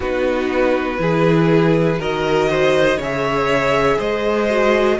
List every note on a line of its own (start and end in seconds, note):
0.00 0.98 B3
0.00 0.97 D#4
0.00 0.99 F#4
0.00 2.01 B4
0.97 1.99 E3
0.97 1.97 E4
0.97 1.99 G#4
1.99 2.97 D#3
1.99 2.99 F#4
1.99 2.49 A#4
1.99 3.01 D#5
2.49 2.97 C5
2.97 3.97 C#3
2.97 4.49 G#4
2.97 3.97 C#5
2.97 4.00 E5
3.98 4.99 G#3
3.98 4.97 C5
3.98 5.00 D#5
4.49 4.99 F#4